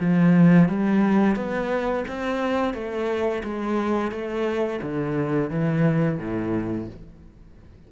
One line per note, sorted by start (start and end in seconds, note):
0.00 0.69 F3
0.69 1.35 G3
1.35 2.04 B3
2.08 2.73 C4
2.73 3.42 A3
3.44 4.11 G#3
4.11 4.80 A3
4.82 5.50 D3
5.50 6.18 E3
6.18 6.87 A2